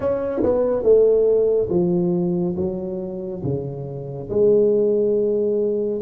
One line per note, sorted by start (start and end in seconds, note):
0.00 0.42 C#4
0.42 0.82 B3
0.82 1.68 A3
1.69 2.55 F3
2.56 3.42 F#3
3.43 4.29 C#3
4.29 6.01 G#3